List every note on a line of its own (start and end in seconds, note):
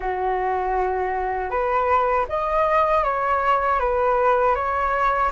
0.00 1.50 F#4
1.50 2.26 B4
2.28 3.04 D#5
3.04 3.79 C#5
3.79 4.55 B4
4.55 5.31 C#5